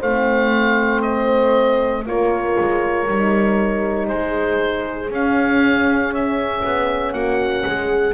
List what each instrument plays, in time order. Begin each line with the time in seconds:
0.00 double bass A3, horn C4 C5, oboe F5
1.02 oboe D#5
2.06 double bass A#3, horn F4 A#4, oboe C#5
2.59 double bass G#3
3.08 double bass G3, horn D#4
4.08 double bass G#3, horn G#4, oboe C5
5.10 double bass C#4, horn C#4, oboe F5
6.14 oboe E5
6.64 double bass B3
7.13 double bass A#3, horn F#4, oboe F#5
7.66 double bass G#3, horn G#4